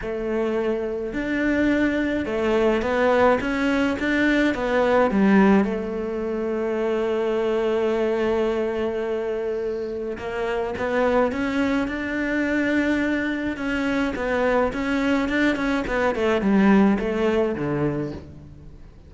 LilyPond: \new Staff \with { instrumentName = "cello" } { \time 4/4 \tempo 4 = 106 a2 d'2 | a4 b4 cis'4 d'4 | b4 g4 a2~ | a1~ |
a2 ais4 b4 | cis'4 d'2. | cis'4 b4 cis'4 d'8 cis'8 | b8 a8 g4 a4 d4 | }